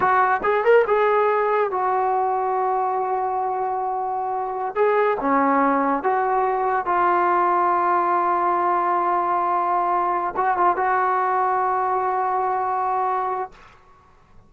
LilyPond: \new Staff \with { instrumentName = "trombone" } { \time 4/4 \tempo 4 = 142 fis'4 gis'8 ais'8 gis'2 | fis'1~ | fis'2.~ fis'16 gis'8.~ | gis'16 cis'2 fis'4.~ fis'16~ |
fis'16 f'2.~ f'8.~ | f'1~ | f'8 fis'8 f'8 fis'2~ fis'8~ | fis'1 | }